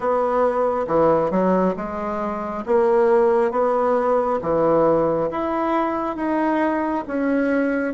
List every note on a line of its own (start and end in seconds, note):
0.00 0.86 B3
0.87 1.30 E3
1.30 1.74 F#3
1.76 2.64 G#3
2.66 3.51 A#3
3.51 4.39 B3
4.41 5.29 E3
5.30 6.16 E4
6.16 7.04 D#4
7.07 7.94 C#4